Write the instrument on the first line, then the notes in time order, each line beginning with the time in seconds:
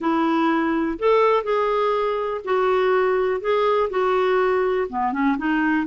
clarinet
0.00 E4
0.98 A4
1.43 G#4
2.44 F#4
3.40 G#4
3.90 F#4
4.89 B3
5.12 C#4
5.37 D#4